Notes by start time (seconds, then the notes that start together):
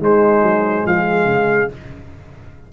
0.00 G#3 D#4 C5
0.42 F#3
0.86 F3 G#4 F5
1.25 C#3